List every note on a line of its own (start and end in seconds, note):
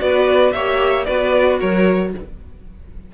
0.00 0.54 B3
0.00 0.53 F#4
0.00 0.54 B4
0.00 0.53 D5
0.53 1.07 A#3
0.53 1.08 G4
0.53 1.06 C#5
0.53 1.05 E5
1.05 1.61 B3
1.05 2.13 F#4
1.05 1.59 B4
1.05 1.58 D5
1.59 2.15 F#3
1.59 2.12 A#4
1.59 2.13 C#5